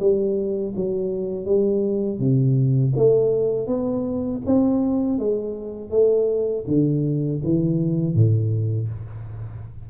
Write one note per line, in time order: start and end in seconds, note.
0.00 0.74 G3
0.76 1.45 F#3
1.45 2.19 G3
2.19 2.93 C3
2.96 3.67 A3
3.67 4.41 B3
4.46 5.19 C4
5.19 5.91 G#3
5.91 6.65 A3
6.68 7.42 D3
7.44 8.14 E3
8.14 8.89 A2